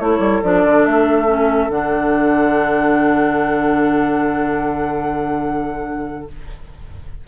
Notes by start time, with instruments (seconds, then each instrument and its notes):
0.00 bassoon A3, clarinet E4, oboe A4, flute C#5
0.19 bassoon G3
0.43 bassoon F3, clarinet D4, flute D5
0.65 bassoon D3
0.86 bassoon A3, flute E5
1.27 clarinet C#4
1.69 bassoon D3, clarinet D4, flute F#5